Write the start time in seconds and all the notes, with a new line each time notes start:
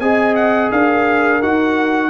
0.00 C4 G#4 D#5 G#5
0.36 F#5
0.72 D4 A#4 F5
1.42 D#4 F#4 F#5